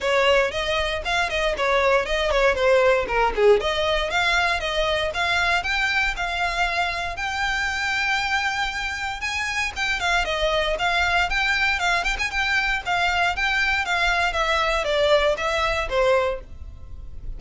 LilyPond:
\new Staff \with { instrumentName = "violin" } { \time 4/4 \tempo 4 = 117 cis''4 dis''4 f''8 dis''8 cis''4 | dis''8 cis''8 c''4 ais'8 gis'8 dis''4 | f''4 dis''4 f''4 g''4 | f''2 g''2~ |
g''2 gis''4 g''8 f''8 | dis''4 f''4 g''4 f''8 g''16 gis''16 | g''4 f''4 g''4 f''4 | e''4 d''4 e''4 c''4 | }